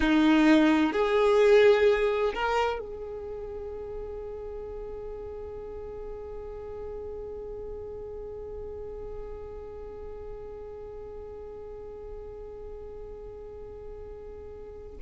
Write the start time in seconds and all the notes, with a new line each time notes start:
0.00 D#4
0.92 G#4
2.34 A#4
2.79 G#4